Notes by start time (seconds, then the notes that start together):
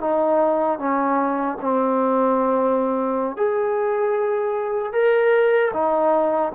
0.00 D#4
0.79 C#4
1.61 C4
3.36 G#4
4.92 A#4
5.73 D#4